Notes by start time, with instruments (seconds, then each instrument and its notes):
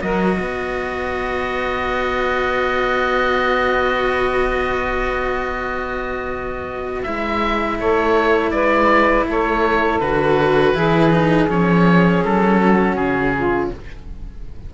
0.00 cello F#3 F#4, saxophone A#4, oboe D#5
0.36 cello B3, saxophone B4
7.03 cello G#3 E4, oboe E5
7.79 cello A3, saxophone A4, oboe C#5
8.50 cello G#3, saxophone B4, oboe D5
9.25 cello A3, saxophone A4, oboe C#5
10.00 cello D3 F#4, oboe B4
10.74 cello E3 E4, saxophone G#4
11.11 cello D#4
11.48 cello F3 C#4, oboe C#5
12.24 cello F#3, oboe A4
12.61 saxophone F#4
12.96 cello C#3, oboe G#4
13.37 saxophone F4